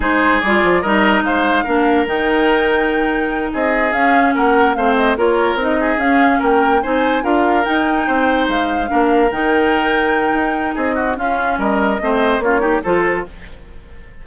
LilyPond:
<<
  \new Staff \with { instrumentName = "flute" } { \time 4/4 \tempo 4 = 145 c''4 d''4 dis''4 f''4~ | f''4 g''2.~ | g''8 dis''4 f''4 fis''4 f''8 | dis''8 cis''4 dis''4 f''4 g''8~ |
g''8 gis''4 f''4 g''4.~ | g''8 f''2 g''4.~ | g''2 dis''4 f''4 | dis''2 cis''4 c''4 | }
  \new Staff \with { instrumentName = "oboe" } { \time 4/4 gis'2 ais'4 c''4 | ais'1~ | ais'8 gis'2 ais'4 c''8~ | c''8 ais'4. gis'4. ais'8~ |
ais'8 c''4 ais'2 c''8~ | c''4. ais'2~ ais'8~ | ais'2 gis'8 fis'8 f'4 | ais'4 c''4 f'8 g'8 a'4 | }
  \new Staff \with { instrumentName = "clarinet" } { \time 4/4 dis'4 f'4 dis'2 | d'4 dis'2.~ | dis'4. cis'2 c'8~ | c'8 f'4 dis'4 cis'4.~ |
cis'8 dis'4 f'4 dis'4.~ | dis'4. d'4 dis'4.~ | dis'2. cis'4~ | cis'4 c'4 cis'8 dis'8 f'4 | }
  \new Staff \with { instrumentName = "bassoon" } { \time 4/4 gis4 g8 f8 g4 gis4 | ais4 dis2.~ | dis8 c'4 cis'4 ais4 a8~ | a8 ais4 c'4 cis'4 ais8~ |
ais8 c'4 d'4 dis'4 c'8~ | c'8 gis4 ais4 dis4.~ | dis4 dis'4 c'4 cis'4 | g4 a4 ais4 f4 | }
>>